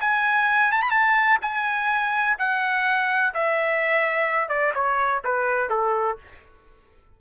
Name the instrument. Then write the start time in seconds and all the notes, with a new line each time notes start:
trumpet
0.00 G#5
0.71 A5
0.82 B5
0.90 A5
1.42 G#5
2.38 F#5
3.34 E5
4.49 D5
4.74 C#5
5.24 B4
5.69 A4